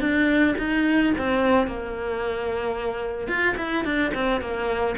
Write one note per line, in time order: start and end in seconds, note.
0.00 0.55 D4
0.58 1.13 D#4
1.18 1.67 C4
1.67 3.28 A#3
3.28 3.55 F4
3.57 3.84 E4
3.84 4.11 D4
4.14 4.41 C4
4.41 4.95 A#3